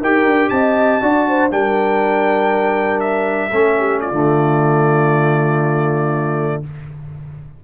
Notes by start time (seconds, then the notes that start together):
0.00 D#4 G4 A#4 G5
0.24 D4
0.49 C4 D#5 A5
1.01 D4 F#4 D5
1.28 C5
1.50 G3 D4 A#4 G5
2.99 E5
3.50 A3 C#4 A4
3.79 G4
4.00 F4 D5
4.11 D3 A3